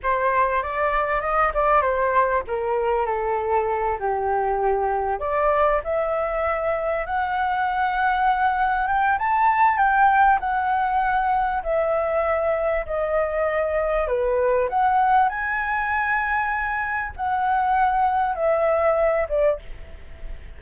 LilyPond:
\new Staff \with { instrumentName = "flute" } { \time 4/4 \tempo 4 = 98 c''4 d''4 dis''8 d''8 c''4 | ais'4 a'4. g'4.~ | g'8 d''4 e''2 fis''8~ | fis''2~ fis''8 g''8 a''4 |
g''4 fis''2 e''4~ | e''4 dis''2 b'4 | fis''4 gis''2. | fis''2 e''4. d''8 | }